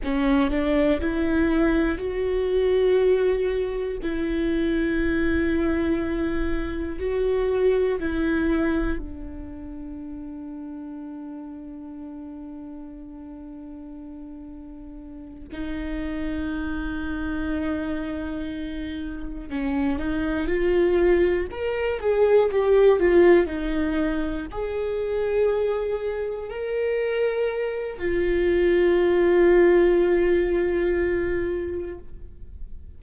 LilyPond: \new Staff \with { instrumentName = "viola" } { \time 4/4 \tempo 4 = 60 cis'8 d'8 e'4 fis'2 | e'2. fis'4 | e'4 d'2.~ | d'2.~ d'8 dis'8~ |
dis'2.~ dis'8 cis'8 | dis'8 f'4 ais'8 gis'8 g'8 f'8 dis'8~ | dis'8 gis'2 ais'4. | f'1 | }